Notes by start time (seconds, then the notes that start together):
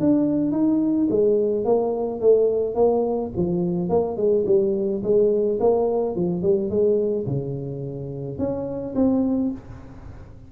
0.00 D4
0.51 D#4
1.10 G#3
1.65 A#3
2.20 A3
2.75 A#3
3.36 F3
3.89 A#3
4.17 G#3
4.46 G3
5.03 G#3
5.60 A#3
6.16 F3
6.42 G3
6.70 G#3
7.26 C#3
8.39 C#4
8.95 C4